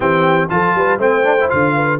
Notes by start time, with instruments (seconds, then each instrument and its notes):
0.00 tuba E3, trombone C4, horn G4, trumpet G5
0.49 tuba F3, trombone F4, horn A4, trumpet A5
0.74 tuba G3, horn B4
0.97 tuba A3, trombone C4, horn C5, trumpet G5
1.23 trombone D4
1.40 trombone E4
1.49 tuba D3, trombone F4, trumpet F5
1.75 horn B4